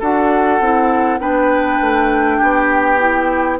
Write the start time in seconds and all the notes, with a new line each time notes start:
0.00 D4 F#4 A4 F#5
0.60 C4 E4
1.19 B3 D4 B4 G5
1.81 A3
2.38 B3 G4
2.99 E4